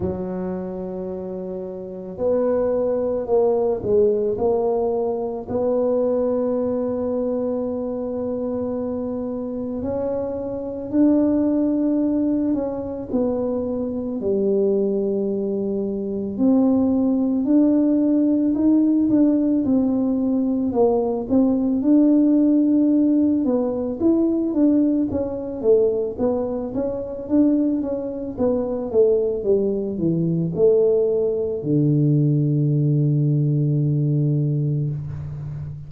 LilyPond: \new Staff \with { instrumentName = "tuba" } { \time 4/4 \tempo 4 = 55 fis2 b4 ais8 gis8 | ais4 b2.~ | b4 cis'4 d'4. cis'8 | b4 g2 c'4 |
d'4 dis'8 d'8 c'4 ais8 c'8 | d'4. b8 e'8 d'8 cis'8 a8 | b8 cis'8 d'8 cis'8 b8 a8 g8 e8 | a4 d2. | }